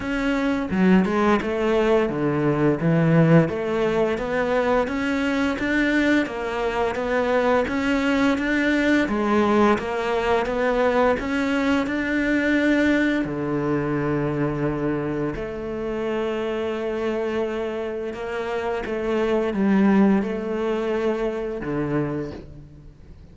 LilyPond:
\new Staff \with { instrumentName = "cello" } { \time 4/4 \tempo 4 = 86 cis'4 fis8 gis8 a4 d4 | e4 a4 b4 cis'4 | d'4 ais4 b4 cis'4 | d'4 gis4 ais4 b4 |
cis'4 d'2 d4~ | d2 a2~ | a2 ais4 a4 | g4 a2 d4 | }